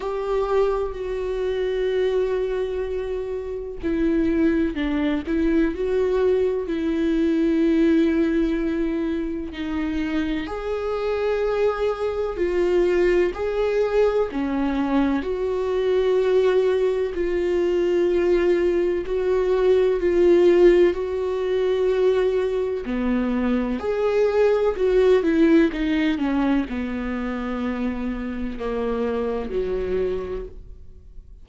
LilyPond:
\new Staff \with { instrumentName = "viola" } { \time 4/4 \tempo 4 = 63 g'4 fis'2. | e'4 d'8 e'8 fis'4 e'4~ | e'2 dis'4 gis'4~ | gis'4 f'4 gis'4 cis'4 |
fis'2 f'2 | fis'4 f'4 fis'2 | b4 gis'4 fis'8 e'8 dis'8 cis'8 | b2 ais4 fis4 | }